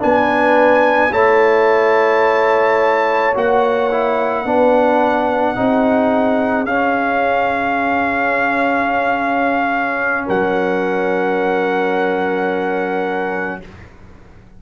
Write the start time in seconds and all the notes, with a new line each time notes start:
0.00 B3 D4 B4 G#5
1.12 A3 E4 C#5 A5
3.35 A#3 F#4 F#5
3.91 E4
4.45 B3 D4 B4
5.56 C4 D#4 G#4
6.66 C#4 F5
10.26 F#3 A#4 F#5